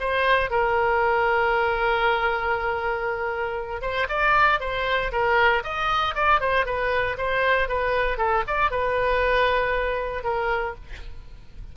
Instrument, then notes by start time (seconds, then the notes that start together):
oboe
0.00 C5
0.51 A#4
3.82 C5
4.09 D5
4.60 C5
5.12 A#4
5.64 D#5
6.15 D5
6.40 C5
6.66 B4
7.18 C5
7.69 B4
8.18 A4
8.47 D5
8.71 B4
10.24 A#4